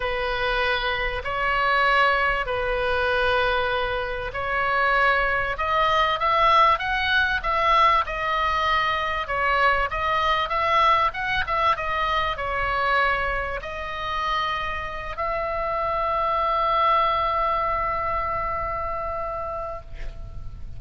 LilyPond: \new Staff \with { instrumentName = "oboe" } { \time 4/4 \tempo 4 = 97 b'2 cis''2 | b'2. cis''4~ | cis''4 dis''4 e''4 fis''4 | e''4 dis''2 cis''4 |
dis''4 e''4 fis''8 e''8 dis''4 | cis''2 dis''2~ | dis''8 e''2.~ e''8~ | e''1 | }